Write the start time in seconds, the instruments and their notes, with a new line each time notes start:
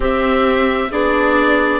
0.00 bassoon C4, viola C4, clarinet G4, oboe E5
0.90 bassoon B3, viola D4, clarinet G#4, oboe D5